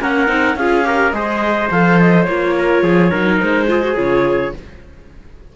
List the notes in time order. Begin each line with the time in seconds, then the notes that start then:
0.00 A#3 C#4 A#4 F#5
0.27 C4 D#4
0.56 C#4 F4 G#4 F5
0.84 G4 A#4
1.12 G#3 G#4 C5 D#5
1.71 F3 A4 F5
2.00 D#5
2.23 A#3 F4 C#5
2.57 A#4
2.82 F3 G#4
3.11 F#3 D#4 A#4
3.40 G#3 C5
3.68 F4 G#4
3.82 F#4
3.95 C#3 F4 C#5